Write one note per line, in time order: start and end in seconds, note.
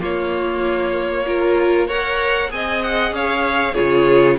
0.00 1.25 A#3
0.00 2.53 A#3
0.00 1.25 F4
0.00 1.89 C#5
1.26 1.89 F4
1.26 1.88 A#4
1.88 2.50 A#4
1.88 2.50 C#5
1.88 2.51 F#5
2.50 3.11 C4
2.50 3.75 G#4
2.50 3.15 D#5
2.50 2.83 G#5
2.83 3.14 F#5
3.11 3.74 C#4
3.11 3.74 C#5
3.11 3.74 F5
3.74 4.38 F4
3.74 4.36 G#4
3.74 4.37 C#5
3.80 4.39 C#3